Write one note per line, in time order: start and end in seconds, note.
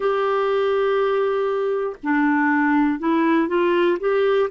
0.00 1.96 G4
2.03 2.99 D4
2.99 3.48 E4
3.48 3.98 F4
4.00 4.50 G4